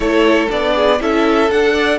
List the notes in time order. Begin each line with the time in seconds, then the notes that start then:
0.00 A3 E4 A4 C#5
0.48 B3 D4 D5
0.74 G#4
0.99 C#4 E4 A4 E5
1.50 D4 A4 F#5
1.73 D5